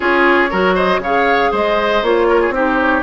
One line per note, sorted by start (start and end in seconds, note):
0.00 0.51 C#4
0.00 0.49 F4
0.00 0.50 G#4
0.00 0.75 C#5
0.50 0.98 F#3
0.50 1.02 F#4
0.50 0.74 A#4
0.74 1.00 C5
0.74 1.01 D#5
0.98 1.49 C#3
0.98 2.04 G#4
0.98 1.51 C#5
0.98 1.54 F5
1.51 2.02 G#3
1.51 2.27 C5
1.51 2.03 D#5
2.02 2.50 A#3
2.02 2.53 F4
2.02 2.54 C#5
2.28 2.40 A#4
2.40 2.53 G#4
2.50 3.00 C4
2.50 3.02 D#4
2.50 3.02 G4
2.50 2.79 C5
2.79 3.02 C#5